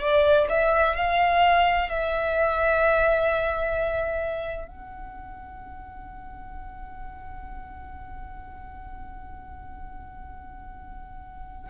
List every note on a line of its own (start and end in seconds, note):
0.00 0.47 D5
0.49 0.95 E5
0.96 1.89 F5
1.89 4.67 E5
4.67 11.70 F#5